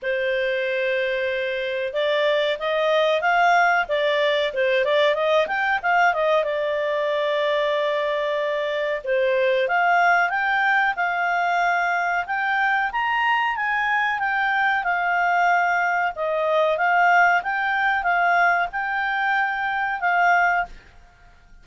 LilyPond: \new Staff \with { instrumentName = "clarinet" } { \time 4/4 \tempo 4 = 93 c''2. d''4 | dis''4 f''4 d''4 c''8 d''8 | dis''8 g''8 f''8 dis''8 d''2~ | d''2 c''4 f''4 |
g''4 f''2 g''4 | ais''4 gis''4 g''4 f''4~ | f''4 dis''4 f''4 g''4 | f''4 g''2 f''4 | }